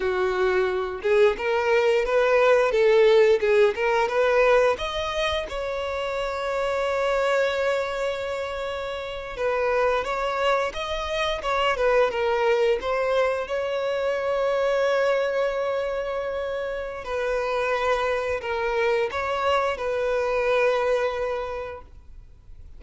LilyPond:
\new Staff \with { instrumentName = "violin" } { \time 4/4 \tempo 4 = 88 fis'4. gis'8 ais'4 b'4 | a'4 gis'8 ais'8 b'4 dis''4 | cis''1~ | cis''4.~ cis''16 b'4 cis''4 dis''16~ |
dis''8. cis''8 b'8 ais'4 c''4 cis''16~ | cis''1~ | cis''4 b'2 ais'4 | cis''4 b'2. | }